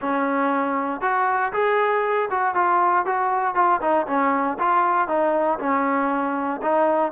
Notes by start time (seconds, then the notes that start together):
0.01 C#4
1.01 F#4
1.52 G#4
2.30 F#4
2.54 F4
3.05 F#4
3.55 F4
3.81 D#4
4.06 C#4
4.59 F4
5.07 D#4
5.59 C#4
6.62 D#4